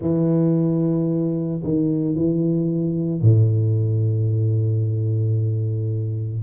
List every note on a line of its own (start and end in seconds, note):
0.01 1.62 E3
1.64 2.15 D#3
2.15 3.21 E3
3.21 6.42 A2